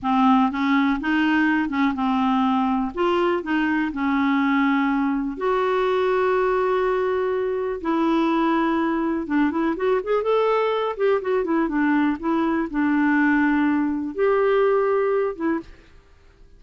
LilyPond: \new Staff \with { instrumentName = "clarinet" } { \time 4/4 \tempo 4 = 123 c'4 cis'4 dis'4. cis'8 | c'2 f'4 dis'4 | cis'2. fis'4~ | fis'1 |
e'2. d'8 e'8 | fis'8 gis'8 a'4. g'8 fis'8 e'8 | d'4 e'4 d'2~ | d'4 g'2~ g'8 e'8 | }